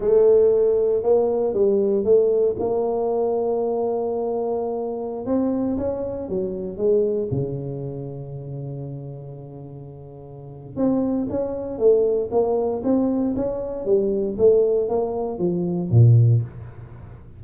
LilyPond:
\new Staff \with { instrumentName = "tuba" } { \time 4/4 \tempo 4 = 117 a2 ais4 g4 | a4 ais2.~ | ais2~ ais16 c'4 cis'8.~ | cis'16 fis4 gis4 cis4.~ cis16~ |
cis1~ | cis4 c'4 cis'4 a4 | ais4 c'4 cis'4 g4 | a4 ais4 f4 ais,4 | }